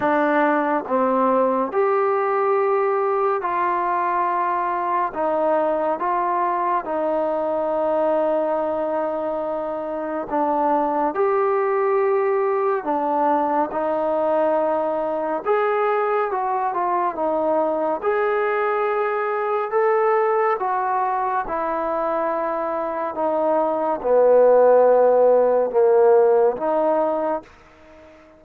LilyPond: \new Staff \with { instrumentName = "trombone" } { \time 4/4 \tempo 4 = 70 d'4 c'4 g'2 | f'2 dis'4 f'4 | dis'1 | d'4 g'2 d'4 |
dis'2 gis'4 fis'8 f'8 | dis'4 gis'2 a'4 | fis'4 e'2 dis'4 | b2 ais4 dis'4 | }